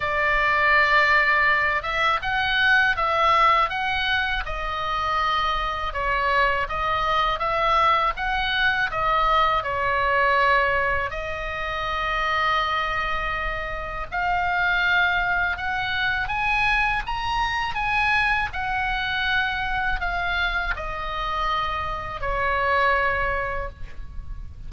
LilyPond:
\new Staff \with { instrumentName = "oboe" } { \time 4/4 \tempo 4 = 81 d''2~ d''8 e''8 fis''4 | e''4 fis''4 dis''2 | cis''4 dis''4 e''4 fis''4 | dis''4 cis''2 dis''4~ |
dis''2. f''4~ | f''4 fis''4 gis''4 ais''4 | gis''4 fis''2 f''4 | dis''2 cis''2 | }